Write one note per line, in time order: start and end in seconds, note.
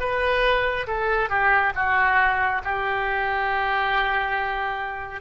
0.00 0.87 B4
0.87 1.30 A4
1.30 1.74 G4
1.75 2.62 F#4
2.64 5.21 G4